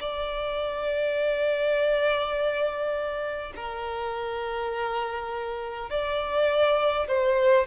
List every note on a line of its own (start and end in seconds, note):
0.00 3.53 D5
3.56 5.89 A#4
5.89 7.07 D5
7.07 7.66 C5